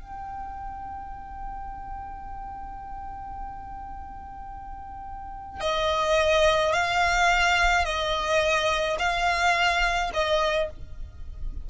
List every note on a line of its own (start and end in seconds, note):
0.00 5.60 G5
5.60 6.73 D#5
6.73 7.85 F5
7.85 8.97 D#5
8.99 10.11 F5
10.13 10.69 D#5